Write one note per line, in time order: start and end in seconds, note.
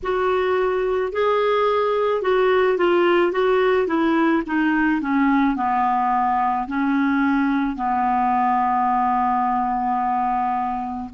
0.03 1.12 F#4
1.12 2.22 G#4
2.22 2.77 F#4
2.77 3.32 F4
3.32 3.87 F#4
3.87 4.42 E4
4.46 5.01 D#4
5.01 5.56 C#4
5.56 6.67 B3
6.67 7.76 C#4
7.76 11.09 B3